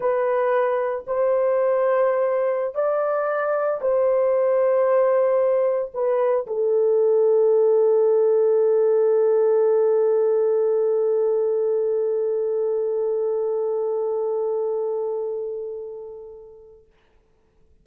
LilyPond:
\new Staff \with { instrumentName = "horn" } { \time 4/4 \tempo 4 = 114 b'2 c''2~ | c''4~ c''16 d''2 c''8.~ | c''2.~ c''16 b'8.~ | b'16 a'2.~ a'8.~ |
a'1~ | a'1~ | a'1~ | a'1 | }